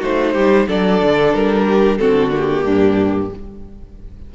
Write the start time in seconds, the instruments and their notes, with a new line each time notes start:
0.00 cello A3, viola D#4, violin F#4 C5
0.33 cello G3, violin G4
0.67 cello F#3, viola D4, violin A4 D5
1.02 cello D3
1.33 cello G3, violin A#4
1.65 violin G4
1.98 cello D3, viola C4, violin F#4 A4
2.30 viola A#3, violin G4
2.64 cello G2, violin D4